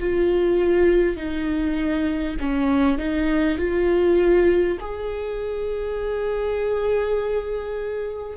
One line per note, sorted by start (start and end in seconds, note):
0.00 1.16 F4
1.16 2.36 D#4
2.40 2.98 C#4
2.98 3.58 D#4
3.58 4.78 F4
4.80 8.37 G#4